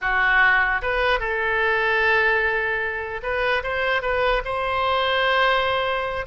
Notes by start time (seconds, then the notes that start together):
0.01 F#4
0.82 B4
1.19 A4
3.22 B4
3.63 C5
4.02 B4
4.45 C5